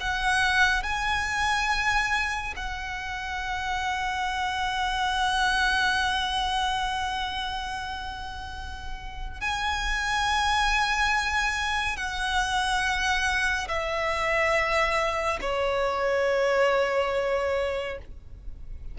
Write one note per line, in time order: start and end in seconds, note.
0.00 0.83 F#5
0.83 2.54 G#5
2.56 9.41 F#5
9.41 11.96 G#5
11.96 13.68 F#5
13.68 15.39 E5
15.41 17.98 C#5